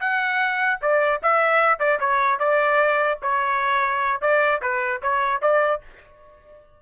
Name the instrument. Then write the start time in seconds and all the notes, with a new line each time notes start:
trumpet
0.00 F#5
0.82 D5
1.22 E5
1.79 D5
2.00 C#5
2.39 D5
3.22 C#5
4.21 D5
4.62 B4
5.02 C#5
5.41 D5